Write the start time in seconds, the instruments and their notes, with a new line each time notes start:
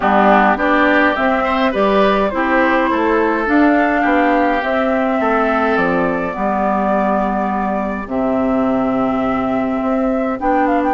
0.00 bassoon G3, clarinet B3, oboe D4, flute G4
0.55 bassoon B3, clarinet D4, oboe G4, flute D5
1.15 clarinet C4, bassoon C4, flute E5
1.43 oboe C5
1.71 bassoon G3, clarinet G4, oboe B4, flute D5
2.29 bassoon C4, clarinet E4, oboe G4, flute C5
2.90 bassoon A3, oboe A4
3.45 clarinet D4, bassoon D4, flute F5
4.01 bassoon B3, oboe G4
4.61 clarinet C4, bassoon C4, flute E5
5.19 bassoon A3, oboe A4
5.76 bassoon F3, flute D5
6.31 bassoon G3, clarinet B3, oboe G4
8.06 bassoon C3, clarinet C4, flute E5
9.81 bassoon C4
10.39 bassoon B3, clarinet D4, flute G5
10.67 flute F5
10.83 flute G5